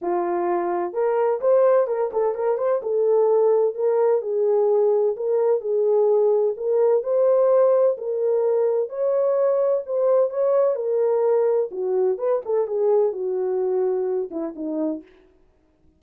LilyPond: \new Staff \with { instrumentName = "horn" } { \time 4/4 \tempo 4 = 128 f'2 ais'4 c''4 | ais'8 a'8 ais'8 c''8 a'2 | ais'4 gis'2 ais'4 | gis'2 ais'4 c''4~ |
c''4 ais'2 cis''4~ | cis''4 c''4 cis''4 ais'4~ | ais'4 fis'4 b'8 a'8 gis'4 | fis'2~ fis'8 e'8 dis'4 | }